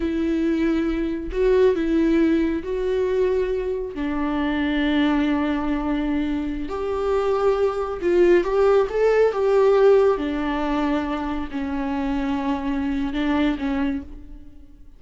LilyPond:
\new Staff \with { instrumentName = "viola" } { \time 4/4 \tempo 4 = 137 e'2. fis'4 | e'2 fis'2~ | fis'4 d'2.~ | d'2.~ d'16 g'8.~ |
g'2~ g'16 f'4 g'8.~ | g'16 a'4 g'2 d'8.~ | d'2~ d'16 cis'4.~ cis'16~ | cis'2 d'4 cis'4 | }